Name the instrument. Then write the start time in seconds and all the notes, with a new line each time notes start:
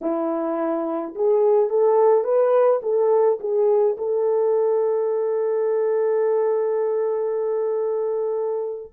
horn
0.01 E4
1.15 G#4
1.69 A4
2.24 B4
2.82 A4
3.40 G#4
3.97 A4